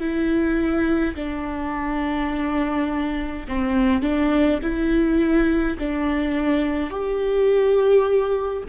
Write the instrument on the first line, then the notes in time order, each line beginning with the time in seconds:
viola
0.00 E4
1.15 D4
3.49 C4
4.03 D4
4.63 E4
5.79 D4
6.90 G4